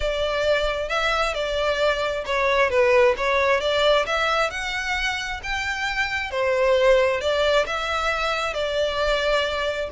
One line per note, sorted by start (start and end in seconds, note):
0.00 0.88 D5
0.88 1.33 E5
1.34 2.24 D5
2.25 2.69 C#5
2.69 3.15 B4
3.17 3.60 C#5
3.60 4.05 D5
4.05 4.50 E5
4.50 5.40 F#5
5.43 6.30 G5
6.30 7.20 C5
7.20 7.65 D5
7.66 8.53 E5
8.53 9.89 D5